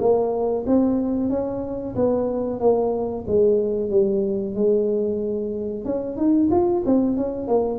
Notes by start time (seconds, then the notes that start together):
0.00 A#3
0.66 C4
1.30 C#4
1.95 B3
2.60 A#3
3.27 G#3
3.90 G3
4.55 G#3
5.85 C#4
6.17 D#4
6.51 F4
6.86 C4
7.17 C#4
7.48 A#3